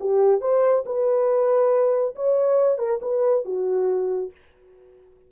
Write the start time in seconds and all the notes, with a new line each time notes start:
0.00 G4
0.41 C5
0.86 B4
2.15 C#5
2.78 A#4
3.02 B4
3.45 F#4